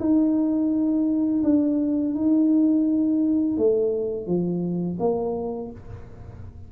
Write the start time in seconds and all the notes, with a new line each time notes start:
0.00 D#4
1.44 D4
2.15 D#4
3.57 A3
4.27 F3
5.00 A#3